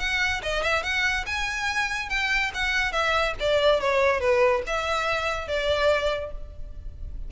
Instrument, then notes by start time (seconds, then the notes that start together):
violin
0.00 F#5
0.43 D#5
0.64 E5
0.84 F#5
1.27 G#5
2.10 G5
2.55 F#5
2.93 E5
3.40 D5
3.81 C#5
4.21 B4
4.67 E5
5.48 D5